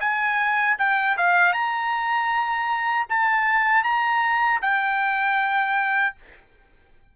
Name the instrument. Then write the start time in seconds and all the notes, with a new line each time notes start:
trumpet
0.00 G#5
0.78 G5
1.17 F5
1.52 A#5
3.09 A5
3.83 A#5
4.62 G5